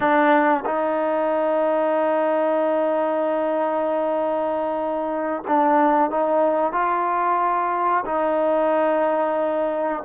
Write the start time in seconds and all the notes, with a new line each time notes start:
0.00 D4
0.65 D#4
5.47 D4
6.10 D#4
6.72 F4
8.05 D#4